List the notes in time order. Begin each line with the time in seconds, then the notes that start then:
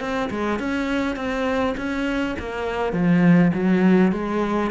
0.00 C4
0.30 G#3
0.59 C#4
1.16 C4
1.77 C#4
2.39 A#3
2.93 F3
3.53 F#3
4.12 G#3